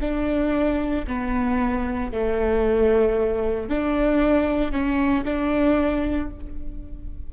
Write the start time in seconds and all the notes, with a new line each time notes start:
0.00 D4
1.07 B3
2.11 A3
3.68 D4
4.71 C#4
5.24 D4